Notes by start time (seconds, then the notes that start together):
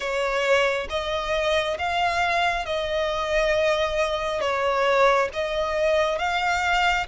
0.00 C#5
0.89 D#5
1.78 F5
2.65 D#5
4.40 C#5
5.33 D#5
6.18 F5